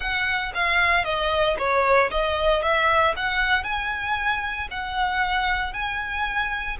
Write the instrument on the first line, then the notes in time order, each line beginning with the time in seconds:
violin
0.00 F#5
0.54 F5
1.04 D#5
1.58 C#5
2.10 D#5
2.62 E5
3.16 F#5
3.63 G#5
4.70 F#5
5.72 G#5